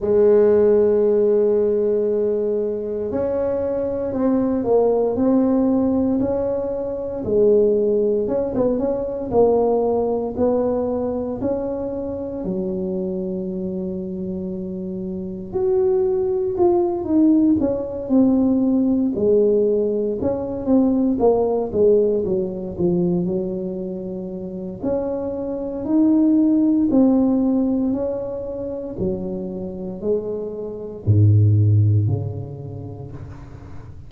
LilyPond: \new Staff \with { instrumentName = "tuba" } { \time 4/4 \tempo 4 = 58 gis2. cis'4 | c'8 ais8 c'4 cis'4 gis4 | cis'16 b16 cis'8 ais4 b4 cis'4 | fis2. fis'4 |
f'8 dis'8 cis'8 c'4 gis4 cis'8 | c'8 ais8 gis8 fis8 f8 fis4. | cis'4 dis'4 c'4 cis'4 | fis4 gis4 gis,4 cis4 | }